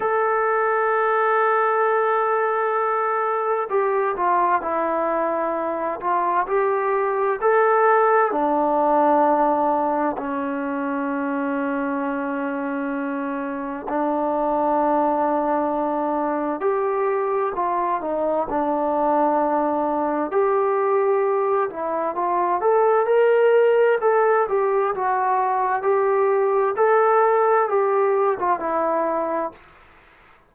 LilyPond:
\new Staff \with { instrumentName = "trombone" } { \time 4/4 \tempo 4 = 65 a'1 | g'8 f'8 e'4. f'8 g'4 | a'4 d'2 cis'4~ | cis'2. d'4~ |
d'2 g'4 f'8 dis'8 | d'2 g'4. e'8 | f'8 a'8 ais'4 a'8 g'8 fis'4 | g'4 a'4 g'8. f'16 e'4 | }